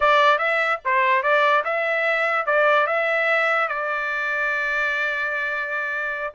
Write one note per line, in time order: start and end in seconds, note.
0.00 0.38 D5
0.38 0.79 E5
0.84 1.22 C5
1.22 1.63 D5
1.64 2.45 E5
2.45 2.86 D5
2.87 3.68 E5
3.68 6.34 D5